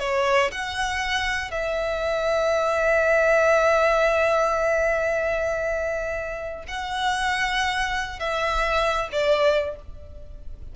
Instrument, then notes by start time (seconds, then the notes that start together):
violin
0.00 C#5
0.52 F#5
1.51 E5
6.68 F#5
8.20 E5
9.12 D5